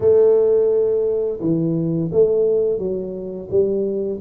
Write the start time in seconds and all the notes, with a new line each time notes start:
0.00 A3
1.40 E3
2.12 A3
2.78 F#3
3.50 G3